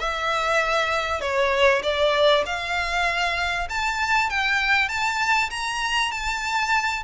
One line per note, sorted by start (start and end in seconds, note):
0.00 1.21 E5
1.21 1.83 C#5
1.83 2.45 D5
2.46 3.69 F5
3.70 4.30 A5
4.30 4.89 G5
4.89 5.50 A5
5.50 6.12 A#5
6.12 7.04 A5